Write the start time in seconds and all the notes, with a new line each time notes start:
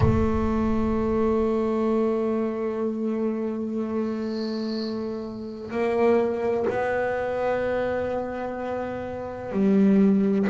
0.00 A3
5.70 A#3
6.69 B3
9.52 G3